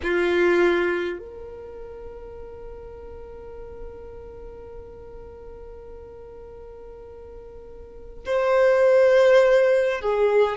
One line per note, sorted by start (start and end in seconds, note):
0.02 1.18 F4
1.18 8.24 A#4
8.25 10.01 C5
10.01 10.57 G#4